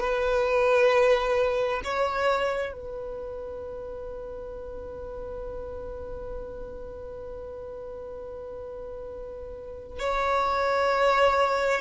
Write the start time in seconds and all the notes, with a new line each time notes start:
0.00 B4
1.84 C#5
2.73 B4
10.00 C#5